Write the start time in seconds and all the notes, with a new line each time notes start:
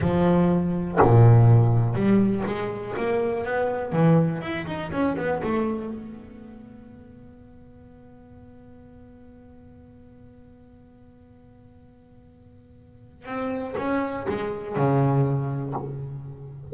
0.00 F3
1.01 A#2
1.94 G3
2.46 G#3
2.96 A#3
3.44 B3
3.92 E3
4.41 E4
4.66 D#4
4.91 C#4
5.16 B3
5.43 A3
5.92 B3
13.25 C4
13.77 C#4
14.28 G#3
14.75 C#3